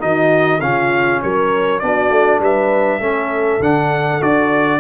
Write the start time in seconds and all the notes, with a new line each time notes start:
0.00 D#3 D#4 F#4 D#5
0.61 C#3 C#4 F4 F5
1.23 F#3 A#4 C#5
1.79 B3 D4 F#4 D5
2.10 A3
2.40 G3 B4 E5
3.00 A3 C#4 A4
3.60 D3 D4 F#5
4.21 D4 F#4 D5